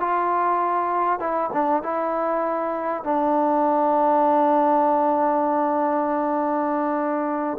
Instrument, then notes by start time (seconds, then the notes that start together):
trombone
0.00 F4
1.20 E4
1.53 D4
1.83 E4
3.03 D4